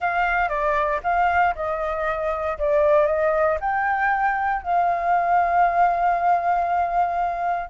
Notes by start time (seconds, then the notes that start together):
0.00 F5
0.48 D5
1.03 F5
1.55 D#5
2.58 D5
3.06 D#5
3.60 G5
4.62 F5